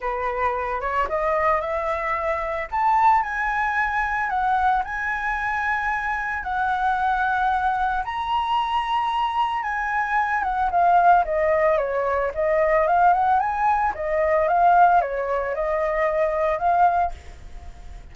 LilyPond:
\new Staff \with { instrumentName = "flute" } { \time 4/4 \tempo 4 = 112 b'4. cis''8 dis''4 e''4~ | e''4 a''4 gis''2 | fis''4 gis''2. | fis''2. ais''4~ |
ais''2 gis''4. fis''8 | f''4 dis''4 cis''4 dis''4 | f''8 fis''8 gis''4 dis''4 f''4 | cis''4 dis''2 f''4 | }